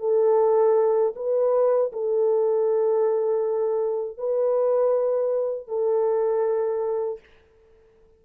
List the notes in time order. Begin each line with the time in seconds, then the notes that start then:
0.00 A4
1.16 B4
1.93 A4
4.18 B4
5.68 A4